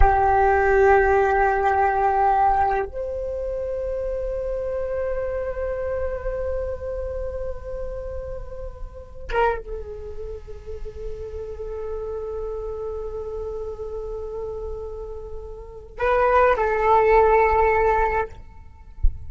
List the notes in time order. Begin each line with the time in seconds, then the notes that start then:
0.00 G4
2.85 C5
9.31 A#4
9.58 A4
15.98 B4
16.56 A4